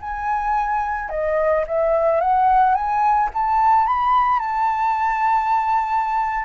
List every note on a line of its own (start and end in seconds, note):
0.00 1.09 G#5
1.09 1.64 D#5
1.66 2.20 E5
2.20 2.74 F#5
2.74 3.29 G#5
3.33 3.86 A5
3.86 4.39 B5
4.39 6.45 A5